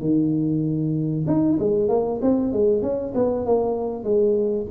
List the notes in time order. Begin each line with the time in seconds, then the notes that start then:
0.00 D#3
1.27 D#4
1.59 G#3
1.89 A#3
2.22 C4
2.53 G#3
2.82 C#4
3.14 B3
3.46 A#3
4.04 G#3